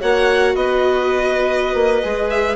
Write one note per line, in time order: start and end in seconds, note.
0.00 0.55 A#3
0.00 2.02 F#4
0.00 0.54 C#5
0.00 0.56 F#5
0.55 1.74 B3
0.55 2.56 B4
0.55 2.30 D#5
1.74 2.01 A#3
2.02 2.56 G#3
2.02 2.56 G#4
2.30 2.56 E5